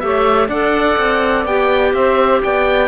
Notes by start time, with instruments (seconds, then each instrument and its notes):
0.00 cello A3, clarinet G4, saxophone C#5, oboe E5
0.48 cello D4, clarinet A4, saxophone D5, oboe F#5
0.98 cello C4
1.45 cello B3, clarinet G4, oboe G5
1.93 cello C4, saxophone C5, oboe E5
2.43 cello B3, saxophone D5, oboe G5